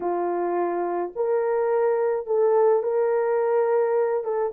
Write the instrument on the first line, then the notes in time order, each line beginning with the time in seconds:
horn
0.00 F4
1.15 A#4
2.26 A4
2.82 A#4
4.23 A4